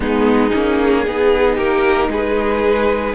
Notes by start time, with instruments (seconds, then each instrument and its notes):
0.00 cello G#3, viola B3, violin D#4 G#4
0.53 cello A#3, viola C#4
1.05 cello B3, viola D#4, violin G#4
1.55 cello A#3, violin G4 A#4
2.08 cello G#3, violin G#4 B4